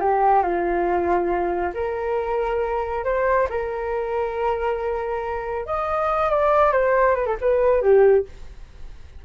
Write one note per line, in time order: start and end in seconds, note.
0.00 0.42 G4
0.42 1.73 F4
1.74 3.04 A#4
3.04 3.48 C5
3.49 5.65 A#4
5.65 6.30 D#5
6.30 6.72 D5
6.72 7.15 C5
7.15 7.25 B4
7.25 7.36 A4
7.41 7.81 B4
7.81 8.25 G4